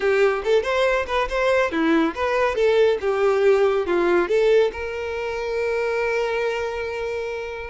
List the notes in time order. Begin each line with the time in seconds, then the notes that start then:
0.00 G4
0.44 A4
0.63 C5
1.07 B4
1.29 C5
1.71 E4
2.14 B4
2.55 A4
3.00 G4
3.86 F4
4.28 A4
4.72 A#4